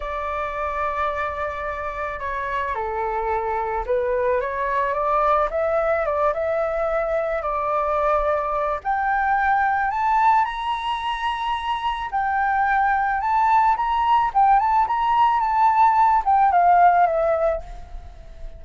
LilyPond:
\new Staff \with { instrumentName = "flute" } { \time 4/4 \tempo 4 = 109 d''1 | cis''4 a'2 b'4 | cis''4 d''4 e''4 d''8 e''8~ | e''4. d''2~ d''8 |
g''2 a''4 ais''4~ | ais''2 g''2 | a''4 ais''4 g''8 a''8 ais''4 | a''4. g''8 f''4 e''4 | }